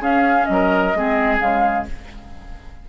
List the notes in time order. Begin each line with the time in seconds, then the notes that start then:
0.00 C#4 G#4 F5
0.45 F#3 D#5
0.52 A#4
0.94 G#3 C4 G#4
1.39 C#3 G#3 F5